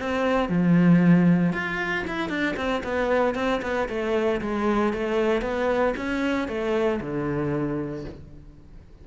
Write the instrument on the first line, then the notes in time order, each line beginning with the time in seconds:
cello
0.00 C4
0.49 F3
1.53 F4
2.08 E4
2.30 D4
2.57 C4
2.84 B3
3.35 C4
3.63 B3
3.89 A3
4.42 G#3
4.94 A3
5.42 B3
5.97 C#4
6.48 A3
7.01 D3